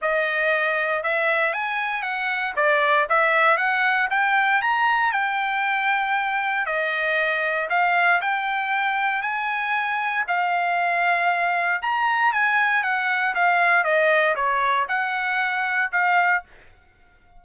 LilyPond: \new Staff \with { instrumentName = "trumpet" } { \time 4/4 \tempo 4 = 117 dis''2 e''4 gis''4 | fis''4 d''4 e''4 fis''4 | g''4 ais''4 g''2~ | g''4 dis''2 f''4 |
g''2 gis''2 | f''2. ais''4 | gis''4 fis''4 f''4 dis''4 | cis''4 fis''2 f''4 | }